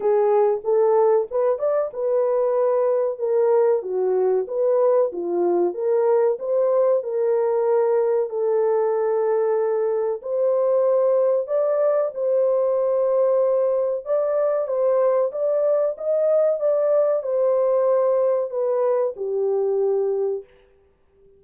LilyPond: \new Staff \with { instrumentName = "horn" } { \time 4/4 \tempo 4 = 94 gis'4 a'4 b'8 d''8 b'4~ | b'4 ais'4 fis'4 b'4 | f'4 ais'4 c''4 ais'4~ | ais'4 a'2. |
c''2 d''4 c''4~ | c''2 d''4 c''4 | d''4 dis''4 d''4 c''4~ | c''4 b'4 g'2 | }